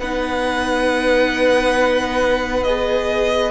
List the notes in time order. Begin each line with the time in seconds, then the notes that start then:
0.00 B3 D#4 B4 F#5
2.64 G#4 D#5